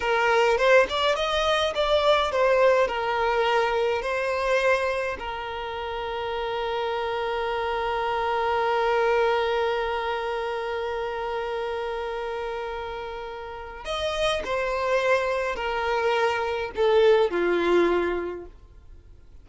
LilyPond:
\new Staff \with { instrumentName = "violin" } { \time 4/4 \tempo 4 = 104 ais'4 c''8 d''8 dis''4 d''4 | c''4 ais'2 c''4~ | c''4 ais'2.~ | ais'1~ |
ais'1~ | ais'1 | dis''4 c''2 ais'4~ | ais'4 a'4 f'2 | }